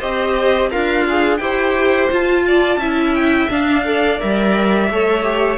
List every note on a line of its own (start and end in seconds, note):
0.00 0.73 C4
0.00 0.71 G4
0.00 0.70 C5
0.00 0.71 D#5
0.71 1.40 D4
0.71 1.39 F4
0.71 1.06 A#4
0.71 1.38 F5
1.10 1.42 G#4
1.38 2.10 E4
1.38 2.11 G4
1.38 2.44 C5
1.38 2.07 G5
2.11 2.81 F4
2.11 2.77 F4
2.11 3.15 A5
2.48 2.80 D5
2.77 3.47 C#4
2.77 3.50 E4
2.77 3.84 E5
3.15 3.50 G5
3.50 3.85 D4
3.50 4.21 D4
3.50 4.21 F5
3.85 4.19 A4
3.85 4.92 D5
4.19 4.90 G3
4.19 4.89 A#4
4.19 5.58 E5
4.90 5.58 A3
4.90 5.23 A4
4.90 5.58 C#5
5.23 5.58 G4